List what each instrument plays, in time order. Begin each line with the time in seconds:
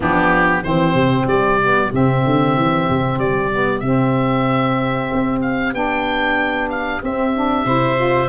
0.00 tuba F3, saxophone B3, viola D4, oboe G4
0.63 tuba E3, saxophone C4, viola G4, oboe C5
0.94 tuba C3
1.26 tuba G3, oboe D5
1.62 saxophone B3
1.92 tuba C3, saxophone C4, oboe E5
2.24 tuba D3
2.56 tuba E3
2.89 tuba C3
3.18 tuba G3, oboe D5
3.51 saxophone B3
3.79 tuba C3, saxophone C4, oboe E5
5.12 tuba C4
5.41 oboe F5
5.73 tuba B3, saxophone D4, oboe G5
6.69 oboe F5
7.02 tuba C4, saxophone C4, oboe E5
7.35 saxophone D4
7.64 tuba C3, saxophone E4, viola C5
7.96 saxophone F4